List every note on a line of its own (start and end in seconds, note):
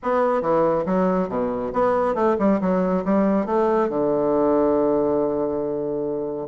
0.03 0.41 B3
0.41 0.84 E3
0.85 1.28 F#3
1.29 1.72 B2
1.73 2.14 B3
2.14 2.36 A3
2.39 2.60 G3
2.60 3.04 F#3
3.05 3.46 G3
3.46 3.89 A3
3.89 6.48 D3